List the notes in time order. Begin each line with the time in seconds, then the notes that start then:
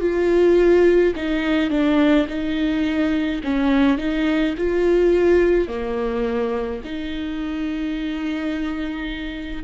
0.00 F4
1.15 D#4
1.70 D4
2.28 D#4
3.43 C#4
3.98 D#4
4.58 F4
5.68 A#3
6.84 D#4